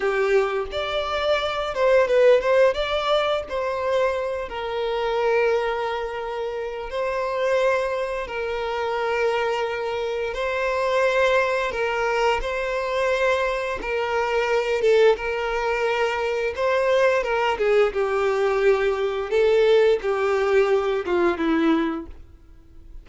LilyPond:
\new Staff \with { instrumentName = "violin" } { \time 4/4 \tempo 4 = 87 g'4 d''4. c''8 b'8 c''8 | d''4 c''4. ais'4.~ | ais'2 c''2 | ais'2. c''4~ |
c''4 ais'4 c''2 | ais'4. a'8 ais'2 | c''4 ais'8 gis'8 g'2 | a'4 g'4. f'8 e'4 | }